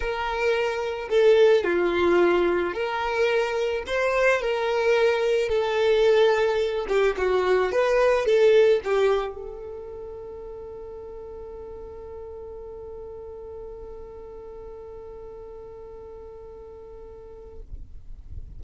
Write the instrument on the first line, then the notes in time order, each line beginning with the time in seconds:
violin
0.00 A#4
1.09 A4
1.64 F4
2.73 A#4
3.87 C5
4.41 A#4
5.48 A4
6.88 G4
7.17 F#4
7.71 B4
8.25 A4
8.84 G4
9.35 A4